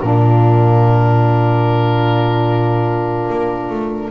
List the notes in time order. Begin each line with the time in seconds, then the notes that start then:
0.00 A#2 D4 F4 A#4
3.29 A#3
3.70 A3